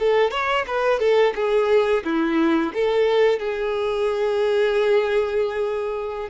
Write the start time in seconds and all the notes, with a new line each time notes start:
0.00 A4
0.32 C#5
0.68 B4
1.00 A4
1.36 G#4
2.05 E4
2.74 A4
3.40 G#4